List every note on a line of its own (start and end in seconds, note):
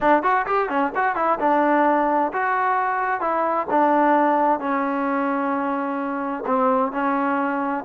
0.00 0.22 D4
0.22 0.46 F#4
0.46 0.69 G4
0.69 0.92 C#4
0.95 1.15 F#4
1.15 1.38 E4
1.39 2.32 D4
2.32 3.20 F#4
3.20 3.67 E4
3.70 4.59 D4
4.59 6.44 C#4
6.46 6.92 C4
6.92 7.84 C#4